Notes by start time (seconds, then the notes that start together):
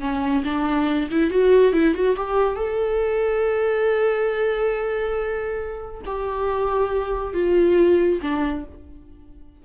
0.00 C#4
0.44 D4
1.10 E4
1.30 F#4
1.73 E4
1.94 F#4
2.16 G4
2.56 A4
6.05 G4
7.33 F4
8.22 D4